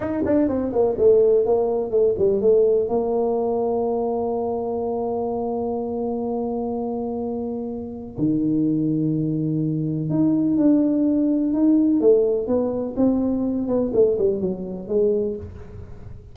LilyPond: \new Staff \with { instrumentName = "tuba" } { \time 4/4 \tempo 4 = 125 dis'8 d'8 c'8 ais8 a4 ais4 | a8 g8 a4 ais2~ | ais1~ | ais1~ |
ais4 dis2.~ | dis4 dis'4 d'2 | dis'4 a4 b4 c'4~ | c'8 b8 a8 g8 fis4 gis4 | }